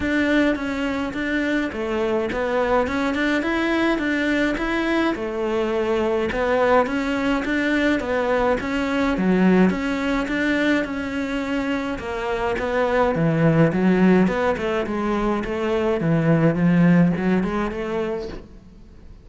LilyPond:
\new Staff \with { instrumentName = "cello" } { \time 4/4 \tempo 4 = 105 d'4 cis'4 d'4 a4 | b4 cis'8 d'8 e'4 d'4 | e'4 a2 b4 | cis'4 d'4 b4 cis'4 |
fis4 cis'4 d'4 cis'4~ | cis'4 ais4 b4 e4 | fis4 b8 a8 gis4 a4 | e4 f4 fis8 gis8 a4 | }